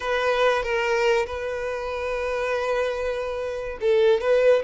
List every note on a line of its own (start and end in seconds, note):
0.00 0.63 B4
0.63 1.25 A#4
1.26 3.78 B4
3.80 4.20 A4
4.20 4.62 B4